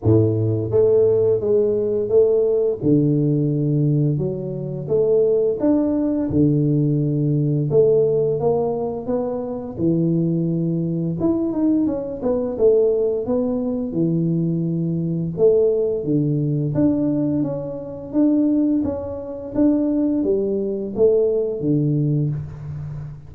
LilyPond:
\new Staff \with { instrumentName = "tuba" } { \time 4/4 \tempo 4 = 86 a,4 a4 gis4 a4 | d2 fis4 a4 | d'4 d2 a4 | ais4 b4 e2 |
e'8 dis'8 cis'8 b8 a4 b4 | e2 a4 d4 | d'4 cis'4 d'4 cis'4 | d'4 g4 a4 d4 | }